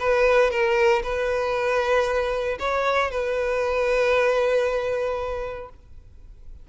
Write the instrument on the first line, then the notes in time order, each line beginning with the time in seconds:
violin
0.00 B4
0.51 A#4
1.03 B4
2.60 C#5
3.11 B4